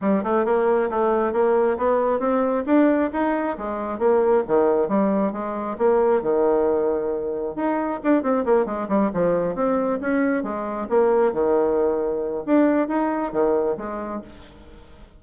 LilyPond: \new Staff \with { instrumentName = "bassoon" } { \time 4/4 \tempo 4 = 135 g8 a8 ais4 a4 ais4 | b4 c'4 d'4 dis'4 | gis4 ais4 dis4 g4 | gis4 ais4 dis2~ |
dis4 dis'4 d'8 c'8 ais8 gis8 | g8 f4 c'4 cis'4 gis8~ | gis8 ais4 dis2~ dis8 | d'4 dis'4 dis4 gis4 | }